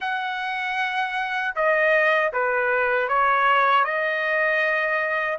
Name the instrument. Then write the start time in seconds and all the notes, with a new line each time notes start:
trumpet
0.00 F#5
1.55 D#5
2.33 B4
3.08 C#5
3.84 D#5